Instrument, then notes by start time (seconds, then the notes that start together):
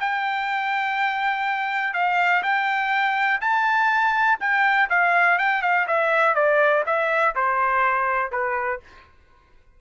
trumpet
0.00 G5
1.94 F5
2.43 G5
3.41 A5
4.40 G5
4.90 F5
5.38 G5
5.62 F5
5.87 E5
6.35 D5
6.86 E5
7.35 C5
8.31 B4